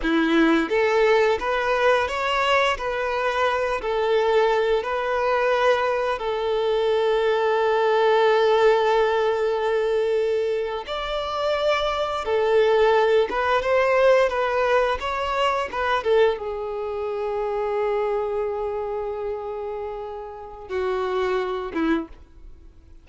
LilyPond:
\new Staff \with { instrumentName = "violin" } { \time 4/4 \tempo 4 = 87 e'4 a'4 b'4 cis''4 | b'4. a'4. b'4~ | b'4 a'2.~ | a'2.~ a'8. d''16~ |
d''4.~ d''16 a'4. b'8 c''16~ | c''8. b'4 cis''4 b'8 a'8 gis'16~ | gis'1~ | gis'2 fis'4. e'8 | }